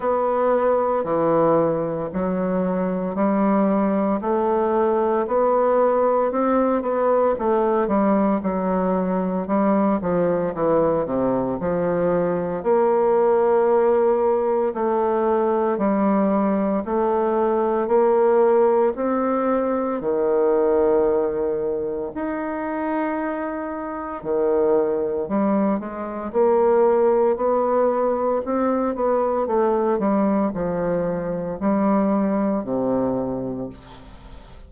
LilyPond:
\new Staff \with { instrumentName = "bassoon" } { \time 4/4 \tempo 4 = 57 b4 e4 fis4 g4 | a4 b4 c'8 b8 a8 g8 | fis4 g8 f8 e8 c8 f4 | ais2 a4 g4 |
a4 ais4 c'4 dis4~ | dis4 dis'2 dis4 | g8 gis8 ais4 b4 c'8 b8 | a8 g8 f4 g4 c4 | }